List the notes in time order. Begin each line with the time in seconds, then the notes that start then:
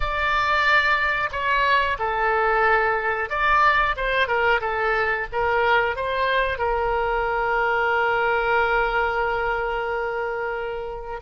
0.00 D5
1.32 C#5
1.98 A4
3.29 D5
3.96 C5
4.27 A#4
4.60 A4
5.32 A#4
5.96 C5
6.58 A#4